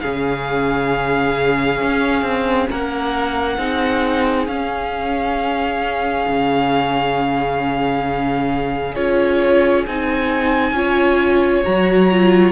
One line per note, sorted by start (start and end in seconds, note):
0.00 1.82 C#3
0.00 3.58 C#4
0.00 2.69 G#4
0.00 2.69 F5
1.82 2.22 C#4
2.22 2.66 C4
2.69 3.58 A#3
2.69 3.58 A#4
2.69 4.47 F#5
3.58 4.47 C4
3.58 4.48 D#4
3.58 10.75 G#4
4.47 6.27 C#4
4.47 8.95 C#4
4.47 8.95 F5
6.28 8.96 C#3
8.95 9.86 C#4
8.95 9.85 F4
8.95 9.85 C#5
9.87 10.72 C4
9.87 10.74 D#4
9.87 11.64 G#5
10.72 11.61 C#4
10.72 11.64 F4
10.72 12.52 C#5
11.64 12.52 F#3
11.64 12.10 F#4
11.64 12.52 A#5
12.12 12.52 F4